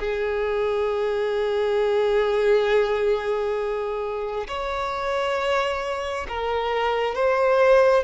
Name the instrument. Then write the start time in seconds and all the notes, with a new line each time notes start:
violin
0.00 G#4
4.48 C#5
6.29 A#4
7.16 C5